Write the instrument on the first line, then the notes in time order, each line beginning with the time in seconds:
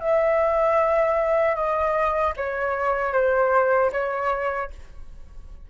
flute
0.00 E5
1.55 D#5
2.37 C#5
3.13 C5
3.92 C#5